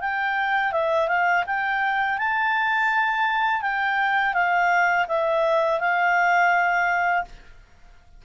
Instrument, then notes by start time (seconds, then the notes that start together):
clarinet
0.00 G5
0.71 E5
1.07 F5
1.46 G5
2.18 A5
3.61 G5
4.33 F5
5.08 E5
5.79 F5